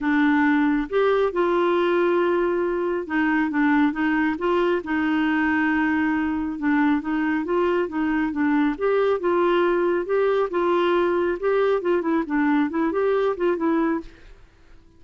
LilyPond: \new Staff \with { instrumentName = "clarinet" } { \time 4/4 \tempo 4 = 137 d'2 g'4 f'4~ | f'2. dis'4 | d'4 dis'4 f'4 dis'4~ | dis'2. d'4 |
dis'4 f'4 dis'4 d'4 | g'4 f'2 g'4 | f'2 g'4 f'8 e'8 | d'4 e'8 g'4 f'8 e'4 | }